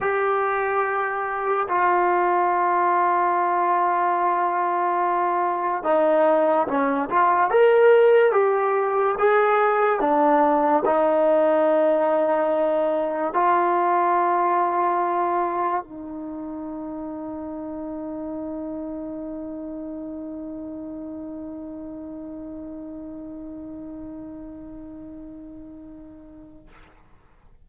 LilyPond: \new Staff \with { instrumentName = "trombone" } { \time 4/4 \tempo 4 = 72 g'2 f'2~ | f'2. dis'4 | cis'8 f'8 ais'4 g'4 gis'4 | d'4 dis'2. |
f'2. dis'4~ | dis'1~ | dis'1~ | dis'1 | }